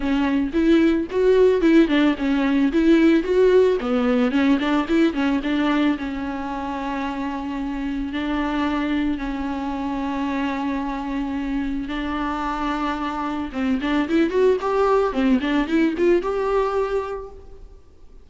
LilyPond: \new Staff \with { instrumentName = "viola" } { \time 4/4 \tempo 4 = 111 cis'4 e'4 fis'4 e'8 d'8 | cis'4 e'4 fis'4 b4 | cis'8 d'8 e'8 cis'8 d'4 cis'4~ | cis'2. d'4~ |
d'4 cis'2.~ | cis'2 d'2~ | d'4 c'8 d'8 e'8 fis'8 g'4 | c'8 d'8 e'8 f'8 g'2 | }